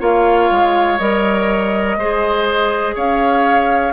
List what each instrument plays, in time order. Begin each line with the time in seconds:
0.00 bassoon A#3, clarinet F4, oboe C#5, flute F5
0.51 bassoon G#3
0.99 bassoon G3, clarinet A#4, flute D#5
1.97 bassoon G#3, clarinet G#4, oboe C5
2.95 bassoon C#4, oboe C#5, flute F5